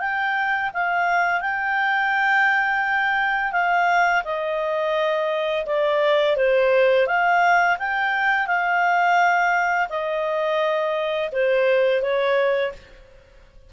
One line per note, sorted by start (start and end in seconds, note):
0.00 0.71 G5
0.74 1.41 F5
1.41 3.52 G5
3.52 4.23 F5
4.24 5.66 D#5
5.66 6.37 D5
6.37 7.07 C5
7.07 7.77 F5
7.79 8.47 G5
8.47 9.89 F5
9.89 11.30 D#5
11.32 12.02 C5
12.02 12.73 C#5